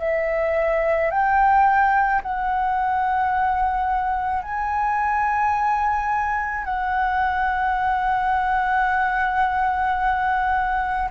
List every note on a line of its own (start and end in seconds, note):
0.00 1.11 E5
1.11 2.22 G5
2.23 4.43 F#5
4.43 6.65 G#5
6.65 11.10 F#5